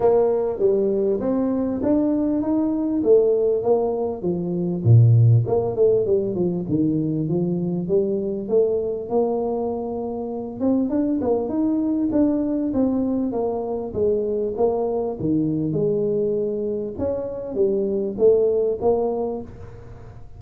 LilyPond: \new Staff \with { instrumentName = "tuba" } { \time 4/4 \tempo 4 = 99 ais4 g4 c'4 d'4 | dis'4 a4 ais4 f4 | ais,4 ais8 a8 g8 f8 dis4 | f4 g4 a4 ais4~ |
ais4. c'8 d'8 ais8 dis'4 | d'4 c'4 ais4 gis4 | ais4 dis4 gis2 | cis'4 g4 a4 ais4 | }